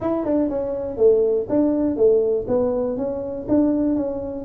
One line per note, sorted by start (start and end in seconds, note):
0.00 0.25 E4
0.25 0.49 D4
0.49 0.97 C#4
0.97 1.46 A3
1.49 1.96 D4
1.96 2.46 A3
2.47 2.97 B3
2.97 3.46 C#4
3.48 3.95 D4
3.95 4.45 C#4